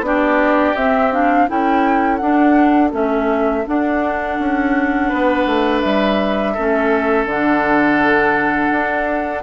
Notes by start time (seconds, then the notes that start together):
0.00 B3 D4 G4 D5
0.76 C4 E5
1.12 D4 F5
1.48 C#4 E4 A4 G5
2.16 D4 F#5
2.91 A3 C#4 E5
3.66 D4 F#5
4.39 C#4
5.08 B3 B4
5.46 A3
5.80 G3 E5
6.54 A3 C#4 A4
7.25 D3 D4 F#5
8.71 D4